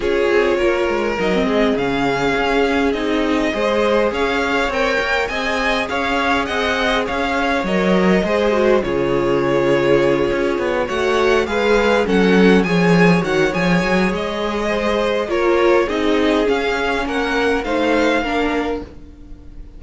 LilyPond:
<<
  \new Staff \with { instrumentName = "violin" } { \time 4/4 \tempo 4 = 102 cis''2 dis''4 f''4~ | f''4 dis''2 f''4 | g''4 gis''4 f''4 fis''4 | f''4 dis''2 cis''4~ |
cis''2~ cis''8 fis''4 f''8~ | f''8 fis''4 gis''4 fis''8 gis''4 | dis''2 cis''4 dis''4 | f''4 fis''4 f''2 | }
  \new Staff \with { instrumentName = "violin" } { \time 4/4 gis'4 ais'4. gis'4.~ | gis'2 c''4 cis''4~ | cis''4 dis''4 cis''4 dis''4 | cis''2 c''4 gis'4~ |
gis'2~ gis'8 cis''4 b'8~ | b'8 a'4 cis''2~ cis''8~ | cis''4 c''4 ais'4 gis'4~ | gis'4 ais'4 c''4 ais'4 | }
  \new Staff \with { instrumentName = "viola" } { \time 4/4 f'2 dis'16 c'8. cis'4~ | cis'4 dis'4 gis'2 | ais'4 gis'2.~ | gis'4 ais'4 gis'8 fis'8 f'4~ |
f'2~ f'8 fis'4 gis'8~ | gis'8 cis'4 gis'4 fis'8 gis'4~ | gis'2 f'4 dis'4 | cis'2 dis'4 d'4 | }
  \new Staff \with { instrumentName = "cello" } { \time 4/4 cis'8 c'8 ais8 gis8 fis8 gis8 cis4 | cis'4 c'4 gis4 cis'4 | c'8 ais8 c'4 cis'4 c'4 | cis'4 fis4 gis4 cis4~ |
cis4. cis'8 b8 a4 gis8~ | gis8 fis4 f4 dis8 f8 fis8 | gis2 ais4 c'4 | cis'4 ais4 a4 ais4 | }
>>